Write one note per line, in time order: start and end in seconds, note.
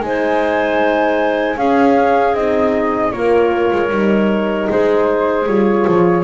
0.00 1.56 G#3
0.00 1.57 D#4
0.00 1.58 C5
0.00 1.58 G#5
1.57 2.34 C#4
1.57 2.35 C#4
1.57 3.14 G#4
1.57 2.35 F5
2.34 3.12 C4
2.34 3.13 D#4
2.34 3.12 D#5
3.12 3.71 A#3
3.12 3.90 F4
3.12 4.71 A#4
3.12 4.68 C#5
3.72 3.90 G#3
3.90 4.68 G3
3.90 5.46 D#4
4.70 5.47 G#3
4.70 6.24 G#4
4.70 5.47 C5
5.47 5.86 G3
5.47 6.24 F4
5.47 6.24 C#5
5.88 6.24 F3